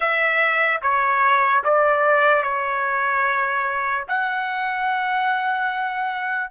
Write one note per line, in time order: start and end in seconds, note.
0.00 0.80 E5
0.82 1.63 C#5
1.64 2.42 D5
2.42 4.04 C#5
4.08 6.50 F#5